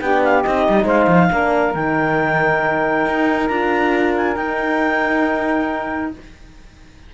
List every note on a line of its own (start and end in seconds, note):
0.00 0.45 B3
0.00 0.45 D4
0.00 0.84 G4
0.00 0.22 G5
0.24 0.42 F5
0.42 0.68 C4
0.42 1.31 D#4
0.42 0.86 D#5
0.69 0.85 G3
0.84 1.07 G#3
0.84 1.28 C5
0.84 1.75 F5
1.08 1.30 F3
1.31 1.75 A#3
1.31 1.75 D4
1.31 6.14 A#4
1.75 3.06 D#3
1.75 3.50 D#4
1.75 3.48 G5
3.06 3.50 D#4
3.48 4.36 D4
3.48 4.37 F4
3.48 4.13 A#5
4.17 4.37 G#5
4.36 6.12 D#4
4.36 6.15 D#4
4.36 6.12 G5